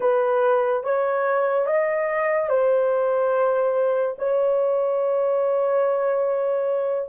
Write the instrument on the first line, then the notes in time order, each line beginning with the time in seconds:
horn
0.00 B4
0.83 C#5
1.66 D#5
2.49 C5
4.18 C#5